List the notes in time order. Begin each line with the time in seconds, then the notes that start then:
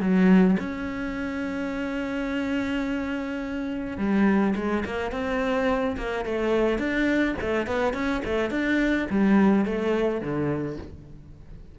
0.00 F#3
0.59 C#4
3.98 G3
4.55 G#3
4.85 A#3
5.11 C4
5.97 A#3
6.25 A3
6.78 D4
7.40 A3
7.66 B3
7.93 C#4
8.25 A3
8.50 D4
9.10 G3
9.65 A3
10.21 D3